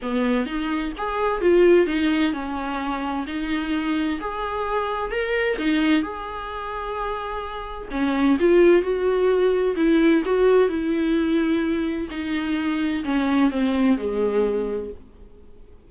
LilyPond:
\new Staff \with { instrumentName = "viola" } { \time 4/4 \tempo 4 = 129 b4 dis'4 gis'4 f'4 | dis'4 cis'2 dis'4~ | dis'4 gis'2 ais'4 | dis'4 gis'2.~ |
gis'4 cis'4 f'4 fis'4~ | fis'4 e'4 fis'4 e'4~ | e'2 dis'2 | cis'4 c'4 gis2 | }